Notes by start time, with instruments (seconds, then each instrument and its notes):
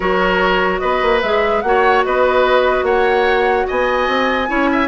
0.00 bassoon F#3, clarinet F#4, oboe A#4, flute C#5
0.78 bassoon B3, oboe B4, flute D#5
1.02 bassoon A#3
1.21 bassoon G#3, clarinet G#4, flute E5
1.61 bassoon A#3, clarinet F#4, oboe C#5, flute F#5
2.04 bassoon B3, oboe B4, flute D#5
2.82 bassoon A#3, oboe C#5, flute F#5
3.67 bassoon B3, oboe D#5, flute G#5
4.07 bassoon C4
4.48 bassoon C#4, clarinet E4, oboe C#5
4.72 oboe E5